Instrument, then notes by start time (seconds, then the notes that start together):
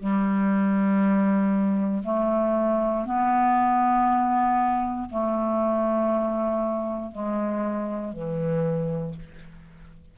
clarinet
0.00 G3
2.04 A3
3.06 B3
5.10 A3
7.12 G#3
8.13 E3